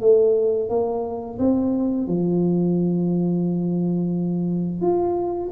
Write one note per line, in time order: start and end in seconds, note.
0.00 0.69 A3
0.69 1.38 A#3
1.38 2.07 C4
2.07 4.81 F3
4.81 5.50 F4